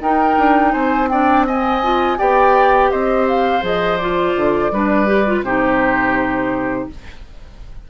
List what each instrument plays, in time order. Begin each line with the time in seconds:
0.00 bassoon D#4, clarinet D#4, oboe A#4, flute G5
0.38 bassoon D4
0.72 bassoon C4, oboe C5, flute G#5
1.09 clarinet D4, oboe D5, flute G5
1.46 clarinet C4, oboe D#5, flute G#5
1.83 clarinet F4
2.18 bassoon B3, clarinet G4, oboe D5, flute G5
2.91 bassoon C4, oboe C5, flute D#5
3.28 flute F5
3.61 bassoon F3, clarinet G#4, flute D#5
3.97 clarinet F4, flute D5
4.35 bassoon D3
4.71 bassoon G3, clarinet D4, oboe B4
5.06 clarinet G4
5.26 clarinet F4
5.41 bassoon C3, clarinet D#4, oboe G4, flute C5